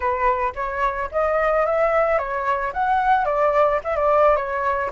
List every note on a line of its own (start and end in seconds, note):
0.00 0.52 B4
0.55 1.09 C#5
1.11 1.66 D#5
1.66 2.18 E5
2.18 2.72 C#5
2.73 3.25 F#5
3.25 3.80 D5
3.84 3.95 E5
3.95 4.36 D5
4.36 4.90 C#5